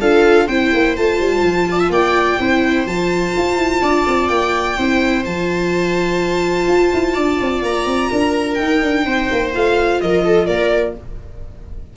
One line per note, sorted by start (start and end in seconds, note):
0.00 0.47 D4
0.00 0.48 F4
0.00 0.47 A4
0.00 0.47 F5
0.47 0.71 C4
0.47 0.97 E4
0.47 1.66 C5
0.47 0.95 G5
0.73 0.97 A#3
0.96 1.19 A3
0.96 2.40 F4
0.96 1.91 A5
1.19 1.42 G3
1.42 1.89 F3
1.71 1.79 D5
1.79 1.91 E5
1.89 2.37 A#3
1.89 2.39 D5
1.89 2.86 G5
2.39 2.86 C4
2.39 2.86 E4
2.39 3.82 C5
2.86 3.33 F3
2.86 4.77 F4
2.86 4.28 A5
3.37 3.56 F4
3.56 3.80 E4
3.82 4.06 D4
3.82 4.77 D5
4.06 4.29 C4
4.28 4.77 A#3
4.28 5.23 G5
4.77 5.25 C4
4.77 5.24 E4
4.77 7.14 C5
5.24 6.67 F3
5.24 8.57 F4
5.24 7.63 A5
6.67 6.91 F4
6.93 7.16 E4
7.14 7.39 D4
7.14 8.09 D5
7.41 7.62 C4
7.62 7.85 A#3
7.62 8.54 A#5
7.85 8.09 C4
8.09 8.58 D4
8.09 9.04 A#4
8.54 8.82 D#4
8.54 9.53 D#4
8.54 9.49 G5
8.82 9.05 D4
9.05 9.29 C4
9.05 10.00 C5
9.31 9.55 A#3
9.53 10.01 A3
9.53 10.96 F4
9.53 10.00 F5
10.00 10.48 F3
10.00 10.24 A#4
10.00 10.46 D#5
10.24 10.46 A4
10.46 10.96 A#3
10.46 10.94 A#4
10.46 10.93 D5